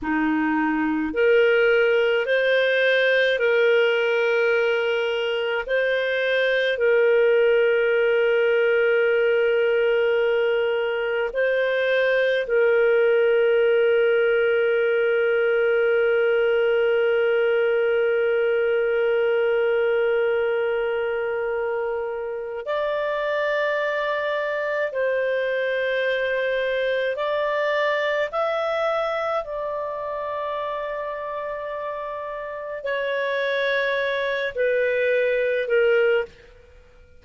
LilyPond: \new Staff \with { instrumentName = "clarinet" } { \time 4/4 \tempo 4 = 53 dis'4 ais'4 c''4 ais'4~ | ais'4 c''4 ais'2~ | ais'2 c''4 ais'4~ | ais'1~ |
ais'1 | d''2 c''2 | d''4 e''4 d''2~ | d''4 cis''4. b'4 ais'8 | }